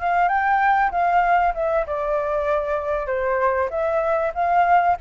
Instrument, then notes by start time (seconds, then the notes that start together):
flute
0.00 F5
0.28 G5
0.91 F5
1.54 E5
1.86 D5
3.07 C5
3.70 E5
4.34 F5